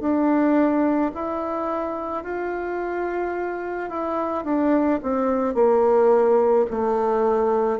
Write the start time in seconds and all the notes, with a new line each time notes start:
0.00 D4
1.15 E4
2.23 F4
3.90 E4
4.44 D4
5.03 C4
5.55 A#3
6.70 A3